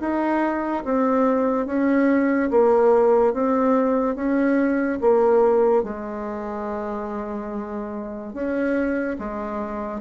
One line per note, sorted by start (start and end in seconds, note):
0.00 0.83 D#4
0.84 1.66 C4
1.66 2.50 C#4
2.51 3.33 A#3
3.33 4.16 C4
4.16 4.99 C#4
5.01 5.83 A#3
5.83 8.33 G#3
8.33 9.17 C#4
9.19 10.00 G#3